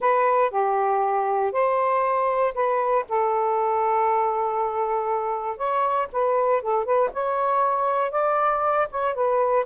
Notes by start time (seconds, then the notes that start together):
0.00 B4
0.50 G4
1.51 C5
2.54 B4
3.08 A4
5.57 C#5
6.12 B4
6.62 A4
6.84 B4
7.13 C#5
8.11 D5
8.91 C#5
9.14 B4